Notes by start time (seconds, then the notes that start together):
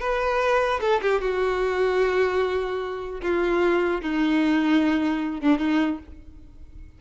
0.00 B4
0.81 A4
1.02 G4
1.21 F#4
3.22 F4
4.02 D#4
5.41 D4
5.59 D#4